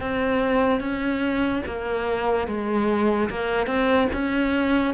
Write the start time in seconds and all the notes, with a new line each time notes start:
0.00 C4
0.80 C#4
1.66 A#3
2.47 G#3
3.30 A#3
3.67 C4
4.13 C#4